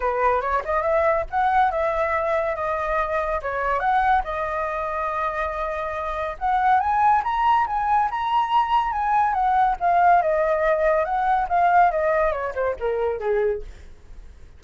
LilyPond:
\new Staff \with { instrumentName = "flute" } { \time 4/4 \tempo 4 = 141 b'4 cis''8 dis''8 e''4 fis''4 | e''2 dis''2 | cis''4 fis''4 dis''2~ | dis''2. fis''4 |
gis''4 ais''4 gis''4 ais''4~ | ais''4 gis''4 fis''4 f''4 | dis''2 fis''4 f''4 | dis''4 cis''8 c''8 ais'4 gis'4 | }